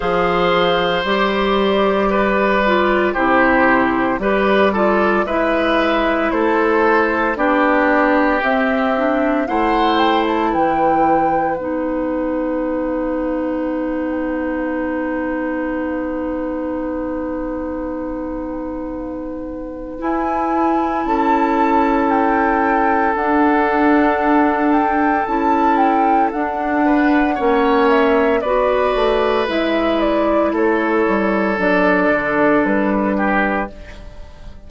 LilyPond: <<
  \new Staff \with { instrumentName = "flute" } { \time 4/4 \tempo 4 = 57 f''4 d''2 c''4 | d''4 e''4 c''4 d''4 | e''4 fis''8 g''16 a''16 g''4 fis''4~ | fis''1~ |
fis''2. gis''4 | a''4 g''4 fis''4. g''8 | a''8 g''8 fis''4. e''8 d''4 | e''8 d''8 cis''4 d''4 b'4 | }
  \new Staff \with { instrumentName = "oboe" } { \time 4/4 c''2 b'4 g'4 | b'8 a'8 b'4 a'4 g'4~ | g'4 c''4 b'2~ | b'1~ |
b'1 | a'1~ | a'4. b'8 cis''4 b'4~ | b'4 a'2~ a'8 g'8 | }
  \new Staff \with { instrumentName = "clarinet" } { \time 4/4 gis'4 g'4. f'8 e'4 | g'8 f'8 e'2 d'4 | c'8 d'8 e'2 dis'4~ | dis'1~ |
dis'2. e'4~ | e'2 d'2 | e'4 d'4 cis'4 fis'4 | e'2 d'2 | }
  \new Staff \with { instrumentName = "bassoon" } { \time 4/4 f4 g2 c4 | g4 gis4 a4 b4 | c'4 a4 e4 b4~ | b1~ |
b2. e'4 | cis'2 d'2 | cis'4 d'4 ais4 b8 a8 | gis4 a8 g8 fis8 d8 g4 | }
>>